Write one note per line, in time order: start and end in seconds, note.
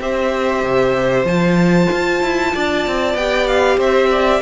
0.00 0.63 C4
0.00 1.27 G4
0.00 2.54 C5
0.00 1.26 E5
0.63 1.24 C3
1.24 1.87 F3
1.24 3.18 F4
1.24 3.16 A5
1.91 2.22 F4
2.22 2.54 E4
2.54 2.87 D4
2.54 3.77 D5
2.87 3.14 C4
3.14 3.77 B3
3.14 4.41 G4
3.14 3.47 G5
3.47 3.78 F5
3.77 4.41 C4
3.77 4.09 C5
3.77 4.41 E5
4.10 4.41 D5